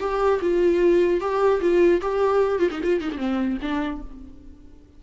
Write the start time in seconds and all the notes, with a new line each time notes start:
0.00 G4
0.41 F4
1.20 G4
1.61 F4
2.01 G4
2.59 F4
2.71 D#4
2.83 F4
3.01 D#4
3.12 C4 D4
3.61 D4